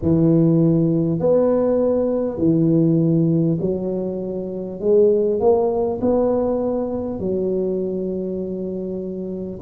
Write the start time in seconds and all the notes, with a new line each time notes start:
0.02 E3
1.19 B3
2.38 E3
3.61 F#3
4.80 G#3
5.40 A#3
6.01 B3
7.19 F#3